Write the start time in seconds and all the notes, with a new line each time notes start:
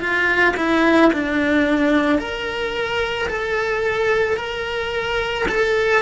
0.00 F4
0.57 E4
1.13 D4
2.19 A#4
3.28 A4
4.37 A#4
5.48 A4